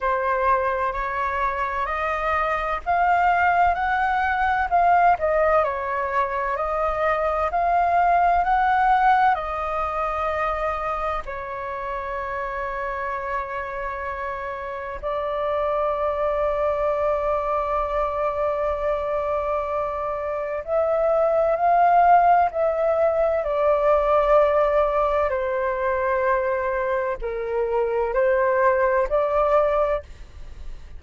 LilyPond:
\new Staff \with { instrumentName = "flute" } { \time 4/4 \tempo 4 = 64 c''4 cis''4 dis''4 f''4 | fis''4 f''8 dis''8 cis''4 dis''4 | f''4 fis''4 dis''2 | cis''1 |
d''1~ | d''2 e''4 f''4 | e''4 d''2 c''4~ | c''4 ais'4 c''4 d''4 | }